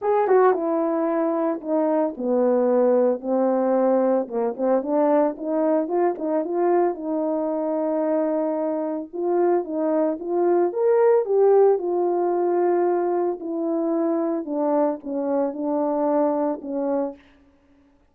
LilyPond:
\new Staff \with { instrumentName = "horn" } { \time 4/4 \tempo 4 = 112 gis'8 fis'8 e'2 dis'4 | b2 c'2 | ais8 c'8 d'4 dis'4 f'8 dis'8 | f'4 dis'2.~ |
dis'4 f'4 dis'4 f'4 | ais'4 g'4 f'2~ | f'4 e'2 d'4 | cis'4 d'2 cis'4 | }